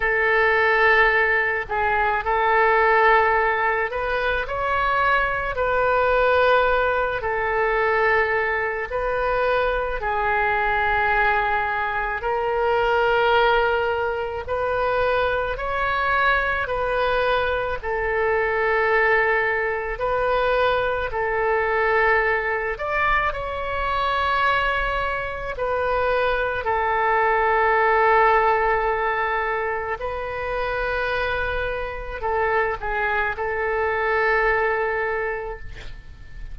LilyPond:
\new Staff \with { instrumentName = "oboe" } { \time 4/4 \tempo 4 = 54 a'4. gis'8 a'4. b'8 | cis''4 b'4. a'4. | b'4 gis'2 ais'4~ | ais'4 b'4 cis''4 b'4 |
a'2 b'4 a'4~ | a'8 d''8 cis''2 b'4 | a'2. b'4~ | b'4 a'8 gis'8 a'2 | }